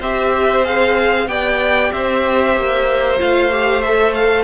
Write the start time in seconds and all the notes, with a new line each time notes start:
0.00 C4 G4 C5 E5
0.64 G#4 F5
1.27 B3 G4 D5 G5
1.92 C4 C5 E5
2.57 A#3
3.18 A3 F4 F5
3.51 G4
3.81 A4 E5
4.14 F5